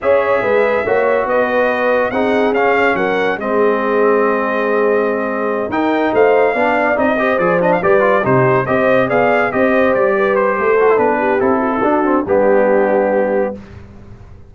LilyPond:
<<
  \new Staff \with { instrumentName = "trumpet" } { \time 4/4 \tempo 4 = 142 e''2. dis''4~ | dis''4 fis''4 f''4 fis''4 | dis''1~ | dis''4. g''4 f''4.~ |
f''8 dis''4 d''8 dis''16 f''16 d''4 c''8~ | c''8 dis''4 f''4 dis''4 d''8~ | d''8 c''4. b'4 a'4~ | a'4 g'2. | }
  \new Staff \with { instrumentName = "horn" } { \time 4/4 cis''4 b'4 cis''4 b'4~ | b'4 gis'2 ais'4 | gis'1~ | gis'4. ais'4 c''4 d''8~ |
d''4 c''4. b'4 g'8~ | g'8 c''4 d''4 c''4. | b'4 a'4. g'4 fis'16 e'16 | fis'4 d'2. | }
  \new Staff \with { instrumentName = "trombone" } { \time 4/4 gis'2 fis'2~ | fis'4 dis'4 cis'2 | c'1~ | c'4. dis'2 d'8~ |
d'8 dis'8 g'8 gis'8 d'8 g'8 f'8 dis'8~ | dis'8 g'4 gis'4 g'4.~ | g'4. fis'16 e'16 d'4 e'4 | d'8 c'8 b2. | }
  \new Staff \with { instrumentName = "tuba" } { \time 4/4 cis'4 gis4 ais4 b4~ | b4 c'4 cis'4 fis4 | gis1~ | gis4. dis'4 a4 b8~ |
b8 c'4 f4 g4 c8~ | c8 c'4 b4 c'4 g8~ | g4 a4 b4 c'4 | d'4 g2. | }
>>